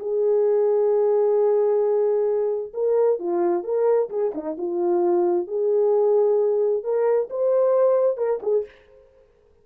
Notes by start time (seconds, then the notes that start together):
0.00 G#4
2.74 A#4
3.19 F4
3.64 A#4
4.10 G#4
4.35 D#4
4.58 F4
5.48 G#4
6.83 A#4
7.30 C5
8.17 A#4
8.43 G#4